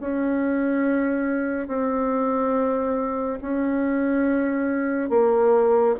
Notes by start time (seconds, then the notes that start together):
0.00 C#4
1.68 C4
3.41 C#4
5.10 A#3